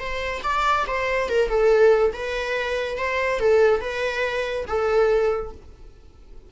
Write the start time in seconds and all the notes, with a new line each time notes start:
0.00 C5
0.44 D5
0.88 C5
1.30 A#4
1.49 A4
2.14 B4
2.98 C5
3.40 A4
3.81 B4
4.68 A4